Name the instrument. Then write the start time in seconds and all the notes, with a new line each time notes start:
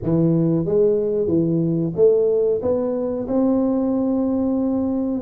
tuba
0.02 E3
0.65 G#3
1.27 E3
1.96 A3
2.62 B3
3.27 C4